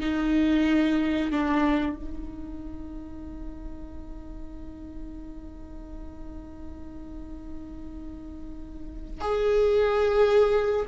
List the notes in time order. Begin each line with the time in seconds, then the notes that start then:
0.00 D#4
1.32 D4
1.97 D#4
9.21 G#4